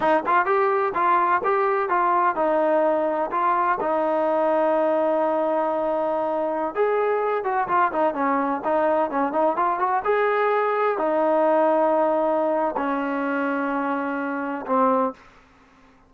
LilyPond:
\new Staff \with { instrumentName = "trombone" } { \time 4/4 \tempo 4 = 127 dis'8 f'8 g'4 f'4 g'4 | f'4 dis'2 f'4 | dis'1~ | dis'2~ dis'16 gis'4. fis'16~ |
fis'16 f'8 dis'8 cis'4 dis'4 cis'8 dis'16~ | dis'16 f'8 fis'8 gis'2 dis'8.~ | dis'2. cis'4~ | cis'2. c'4 | }